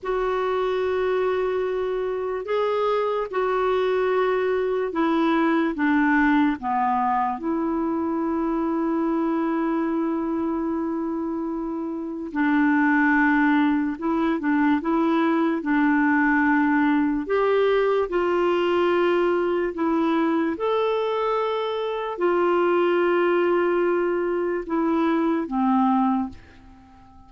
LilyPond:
\new Staff \with { instrumentName = "clarinet" } { \time 4/4 \tempo 4 = 73 fis'2. gis'4 | fis'2 e'4 d'4 | b4 e'2.~ | e'2. d'4~ |
d'4 e'8 d'8 e'4 d'4~ | d'4 g'4 f'2 | e'4 a'2 f'4~ | f'2 e'4 c'4 | }